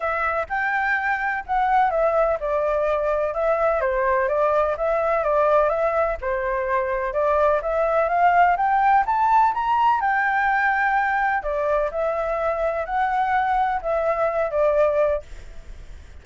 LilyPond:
\new Staff \with { instrumentName = "flute" } { \time 4/4 \tempo 4 = 126 e''4 g''2 fis''4 | e''4 d''2 e''4 | c''4 d''4 e''4 d''4 | e''4 c''2 d''4 |
e''4 f''4 g''4 a''4 | ais''4 g''2. | d''4 e''2 fis''4~ | fis''4 e''4. d''4. | }